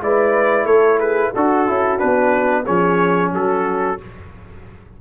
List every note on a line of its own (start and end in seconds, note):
0.00 0.65 G#3
0.00 1.34 E4
0.00 0.65 B4
0.00 0.66 D5
0.65 1.30 A3
0.65 0.98 A4
0.65 0.99 C#5
0.98 1.31 G#4
0.98 1.33 B4
1.33 1.68 D4
1.33 2.64 F#4
1.33 1.67 F#4
1.33 1.99 A4
1.67 2.01 C#4
1.67 1.98 E4
1.98 2.68 B3
1.98 2.64 D4
1.98 2.65 B4
2.64 3.32 F3
2.64 3.98 C#4
2.64 3.30 G#4
2.64 3.32 C#5
3.32 3.98 F#3
3.32 3.99 F#4
3.32 4.01 A4